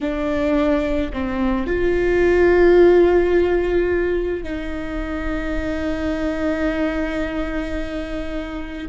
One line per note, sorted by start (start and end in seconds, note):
0.00 1.11 D4
1.13 1.66 C4
1.66 4.43 F4
4.43 8.87 D#4